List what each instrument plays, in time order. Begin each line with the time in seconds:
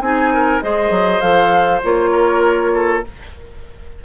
0.00 bassoon C4, clarinet D#4, oboe G#4, flute G#5
0.33 oboe A#4
0.62 bassoon G#3, clarinet G#4, oboe C5, flute D#5
0.90 bassoon F#3
1.20 bassoon F3, clarinet A4, flute F5
1.83 bassoon A#3, clarinet F4, flute C#5
2.11 oboe A#4
2.74 oboe A4